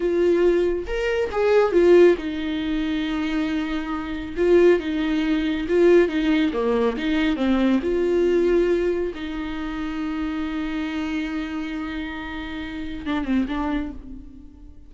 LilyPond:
\new Staff \with { instrumentName = "viola" } { \time 4/4 \tempo 4 = 138 f'2 ais'4 gis'4 | f'4 dis'2.~ | dis'2 f'4 dis'4~ | dis'4 f'4 dis'4 ais4 |
dis'4 c'4 f'2~ | f'4 dis'2.~ | dis'1~ | dis'2 d'8 c'8 d'4 | }